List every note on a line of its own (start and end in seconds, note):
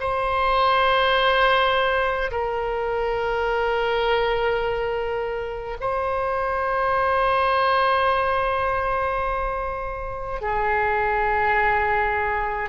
0.00 2.31 C5
2.31 5.77 A#4
5.80 10.41 C5
10.41 12.69 G#4